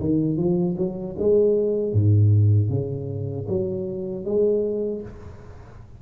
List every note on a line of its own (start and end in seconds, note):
0.00 0.37 D#3
0.37 0.76 F3
0.78 1.16 F#3
1.19 1.94 G#3
1.94 2.70 G#2
2.70 3.47 C#3
3.49 4.26 F#3
4.26 5.02 G#3